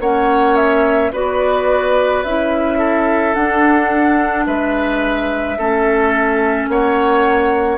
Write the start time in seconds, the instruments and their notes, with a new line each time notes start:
0.00 bassoon A#3, clarinet C#4, oboe C#5, flute F#5
0.56 flute E5
1.12 bassoon B3, clarinet F#4, oboe B4, flute D5
2.25 bassoon C#4, clarinet E4, flute E5
2.78 oboe A4
3.34 clarinet D4, bassoon D4, flute F#5
4.46 bassoon G#3, oboe B4, flute E5
5.59 bassoon A3, clarinet C#4, oboe A4
6.68 bassoon A#3, oboe C#5, flute F#5